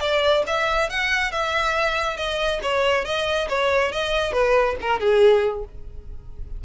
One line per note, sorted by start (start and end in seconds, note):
0.00 0.43 D5
0.47 0.89 E5
0.89 1.31 F#5
1.31 2.17 E5
2.17 2.60 D#5
2.62 3.05 C#5
3.05 3.48 D#5
3.49 3.92 C#5
3.92 4.32 D#5
4.32 4.76 B4
4.81 5.00 A#4
5.00 5.64 G#4